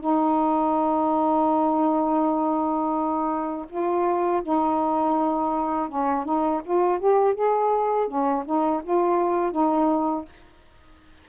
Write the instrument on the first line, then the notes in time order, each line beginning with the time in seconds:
saxophone
0.00 D#4
3.70 F4
4.43 D#4
5.89 C#4
6.25 D#4
6.65 F4
6.99 G4
7.35 G#4
8.08 C#4
8.45 D#4
8.84 F4
9.52 D#4